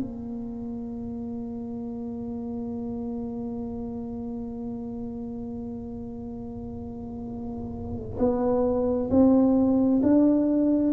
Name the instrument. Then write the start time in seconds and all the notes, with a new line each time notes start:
tuba
0.00 A#3
8.19 B3
9.10 C4
10.03 D4